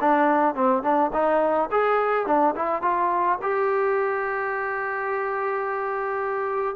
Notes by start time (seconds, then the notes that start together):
0.00 D4
0.55 C4
0.82 D4
1.13 D#4
1.71 G#4
2.26 D4
2.55 E4
2.82 F4
3.42 G4